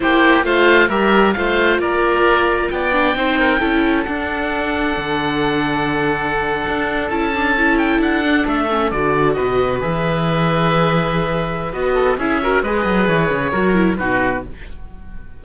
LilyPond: <<
  \new Staff \with { instrumentName = "oboe" } { \time 4/4 \tempo 4 = 133 c''4 f''4 e''4 f''4 | d''2 g''2~ | g''4 fis''2.~ | fis''2.~ fis''8. a''16~ |
a''4~ a''16 g''8 fis''4 e''4 d''16~ | d''8. dis''4 e''2~ e''16~ | e''2 dis''4 e''4 | dis''4 cis''2 b'4 | }
  \new Staff \with { instrumentName = "oboe" } { \time 4/4 g'4 c''4 ais'4 c''4 | ais'2 d''4 c''8 ais'8 | a'1~ | a'1~ |
a'1~ | a'8. b'2.~ b'16~ | b'2~ b'8 a'8 gis'8 ais'8 | b'2 ais'4 fis'4 | }
  \new Staff \with { instrumentName = "viola" } { \time 4/4 e'4 f'4 g'4 f'4~ | f'2~ f'8 d'8 dis'4 | e'4 d'2.~ | d'2.~ d'8. e'16~ |
e'16 d'8 e'4. d'4 cis'8 fis'16~ | fis'4.~ fis'16 gis'2~ gis'16~ | gis'2 fis'4 e'8 fis'8 | gis'2 fis'8 e'8 dis'4 | }
  \new Staff \with { instrumentName = "cello" } { \time 4/4 ais4 a4 g4 a4 | ais2 b4 c'4 | cis'4 d'2 d4~ | d2~ d8. d'4 cis'16~ |
cis'4.~ cis'16 d'4 a4 d16~ | d8. b,4 e2~ e16~ | e2 b4 cis'4 | gis8 fis8 e8 cis8 fis4 b,4 | }
>>